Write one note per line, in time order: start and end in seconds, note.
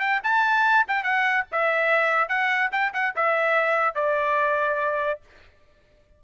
0.00 0.21 G5
0.24 0.86 A5
0.88 1.03 G5
1.03 1.45 F#5
1.52 2.29 E5
2.29 2.70 F#5
2.72 2.93 G5
2.94 3.15 F#5
3.16 3.95 E5
3.95 5.20 D5